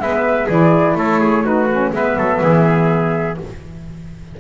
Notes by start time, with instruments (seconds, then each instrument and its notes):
0.00 double bass G#3, saxophone B3, trumpet B4, flute E5
0.47 double bass E3, saxophone E4, trumpet G#4, flute D5
0.96 double bass A3, trumpet A4, flute C#5
1.21 trumpet G#4
1.44 saxophone D#4, trumpet F#4, flute B4
1.71 saxophone C#4
1.93 double bass G#3, saxophone B3, trumpet B4, flute E5
2.17 double bass F#3, trumpet A4
2.42 double bass E3, trumpet G#4